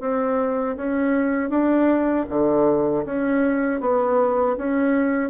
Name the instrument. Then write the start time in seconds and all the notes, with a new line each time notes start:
bassoon
0.00 C4
0.76 C#4
1.49 D4
2.29 D3
3.05 C#4
3.80 B3
4.57 C#4